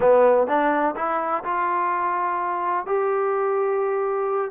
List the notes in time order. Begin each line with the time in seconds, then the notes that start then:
0.00 B3
0.47 D4
0.96 E4
1.44 F4
2.85 G4